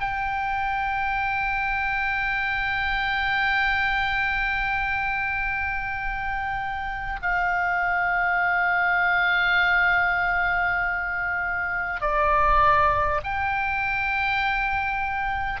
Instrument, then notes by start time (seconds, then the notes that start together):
oboe
0.00 G5
7.22 F5
12.00 D5
13.23 G5